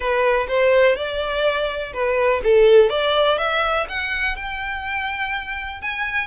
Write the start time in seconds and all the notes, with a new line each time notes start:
0.00 B4
0.48 C5
0.95 D5
1.93 B4
2.43 A4
2.89 D5
3.38 E5
3.88 F#5
4.35 G5
5.81 G#5